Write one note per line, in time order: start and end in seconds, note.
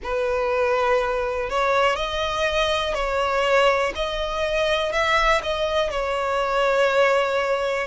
0.03 1.49 B4
1.49 1.96 C#5
1.96 2.94 D#5
2.94 3.93 C#5
3.95 4.92 D#5
4.92 5.41 E5
5.42 5.90 D#5
5.90 7.87 C#5